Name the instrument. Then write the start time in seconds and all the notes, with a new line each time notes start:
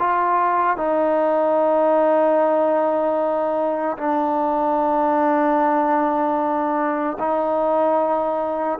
trombone
0.00 F4
0.77 D#4
3.98 D4
7.20 D#4